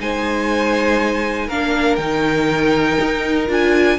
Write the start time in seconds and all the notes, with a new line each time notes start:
0.00 G#3 D#4 C5 G#5
1.47 A#3 D4 A#4 F5
1.96 D#3 D#4 G5
3.00 D#4
3.48 D4 F4 G#5